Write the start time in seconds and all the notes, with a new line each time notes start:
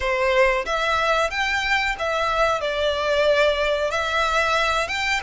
0.00 C5
0.65 E5
1.30 G5
1.98 E5
2.61 D5
3.90 E5
4.87 G5